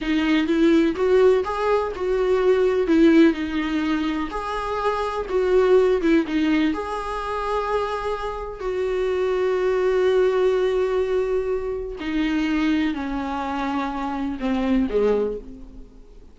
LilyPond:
\new Staff \with { instrumentName = "viola" } { \time 4/4 \tempo 4 = 125 dis'4 e'4 fis'4 gis'4 | fis'2 e'4 dis'4~ | dis'4 gis'2 fis'4~ | fis'8 e'8 dis'4 gis'2~ |
gis'2 fis'2~ | fis'1~ | fis'4 dis'2 cis'4~ | cis'2 c'4 gis4 | }